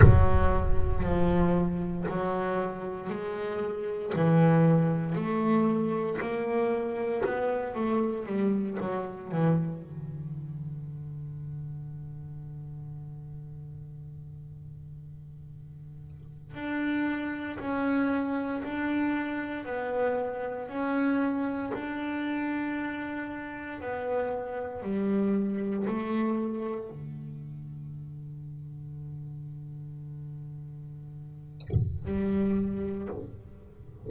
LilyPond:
\new Staff \with { instrumentName = "double bass" } { \time 4/4 \tempo 4 = 58 fis4 f4 fis4 gis4 | e4 a4 ais4 b8 a8 | g8 fis8 e8 d2~ d8~ | d1 |
d'4 cis'4 d'4 b4 | cis'4 d'2 b4 | g4 a4 d2~ | d2. g4 | }